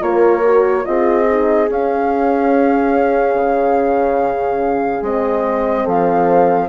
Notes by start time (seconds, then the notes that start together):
0.00 A#3 F4 A#4 C#5
0.44 F#4
0.84 C4 F4 G#4 D#5
1.30 D#4
1.69 C#4 F5
3.35 C#3
5.02 G#3 C4 D#5
5.84 F3 A4 F5